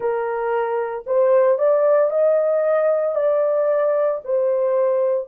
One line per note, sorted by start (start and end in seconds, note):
0.00 1.04 A#4
1.06 1.58 C5
1.58 2.10 D5
2.10 3.15 D#5
3.15 4.20 D5
4.24 5.27 C5